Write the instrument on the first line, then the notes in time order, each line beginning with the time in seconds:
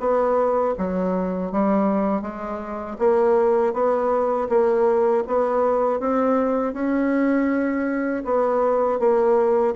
bassoon
0.00 B3
0.78 F#3
1.52 G3
2.22 G#3
2.99 A#3
3.74 B3
4.49 A#3
5.27 B3
6.00 C4
6.74 C#4
8.25 B3
9.00 A#3